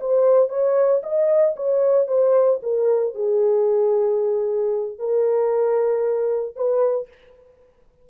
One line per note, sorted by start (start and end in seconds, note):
0.00 0.49 C5
0.49 1.02 C#5
1.03 1.56 D#5
1.56 2.07 C#5
2.07 2.60 C5
2.62 3.14 A#4
3.14 4.99 G#4
4.99 6.56 A#4
6.56 7.08 B4